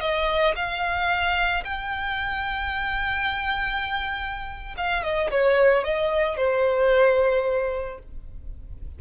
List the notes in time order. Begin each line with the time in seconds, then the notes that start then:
0.00 D#5
0.55 F5
1.64 G5
4.77 F5
5.03 D#5
5.31 C#5
5.84 D#5
6.36 C5